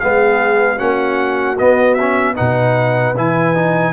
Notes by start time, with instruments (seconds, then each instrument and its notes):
0.00 tuba G#3, trombone B3, horn G#4, trumpet F5
0.77 tuba A#3, trombone C#4, horn F#4, trumpet F#5
1.59 trombone B3, tuba B3, trumpet D#5
1.95 trombone C#4, trumpet E5
2.36 tuba B2, trombone D#4, horn B4, trumpet F#5
3.17 tuba E3, trombone E4, trumpet G#5
3.55 trombone D#4